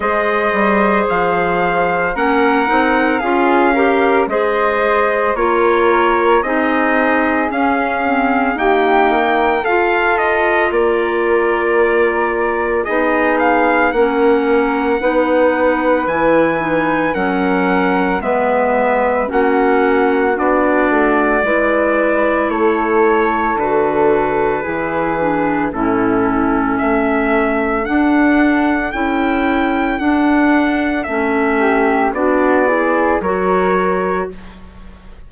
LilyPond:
<<
  \new Staff \with { instrumentName = "trumpet" } { \time 4/4 \tempo 4 = 56 dis''4 f''4 fis''4 f''4 | dis''4 cis''4 dis''4 f''4 | g''4 f''8 dis''8 d''2 | dis''8 f''8 fis''2 gis''4 |
fis''4 e''4 fis''4 d''4~ | d''4 cis''4 b'2 | a'4 e''4 fis''4 g''4 | fis''4 e''4 d''4 cis''4 | }
  \new Staff \with { instrumentName = "flute" } { \time 4/4 c''2 ais'4 gis'8 ais'8 | c''4 ais'4 gis'2 | g'8 ais'8 a'4 ais'2 | gis'4 ais'4 b'2 |
ais'4 b'4 fis'2 | b'4 a'2 gis'4 | e'4 a'2.~ | a'4. g'8 fis'8 gis'8 ais'4 | }
  \new Staff \with { instrumentName = "clarinet" } { \time 4/4 gis'2 cis'8 dis'8 f'8 g'8 | gis'4 f'4 dis'4 cis'8 c'8 | ais4 f'2. | dis'4 cis'4 dis'4 e'8 dis'8 |
cis'4 b4 cis'4 d'4 | e'2 fis'4 e'8 d'8 | cis'2 d'4 e'4 | d'4 cis'4 d'8 e'8 fis'4 | }
  \new Staff \with { instrumentName = "bassoon" } { \time 4/4 gis8 g8 f4 ais8 c'8 cis'4 | gis4 ais4 c'4 cis'4 | dis'4 f'4 ais2 | b4 ais4 b4 e4 |
fis4 gis4 ais4 b8 a8 | gis4 a4 d4 e4 | a,4 a4 d'4 cis'4 | d'4 a4 b4 fis4 | }
>>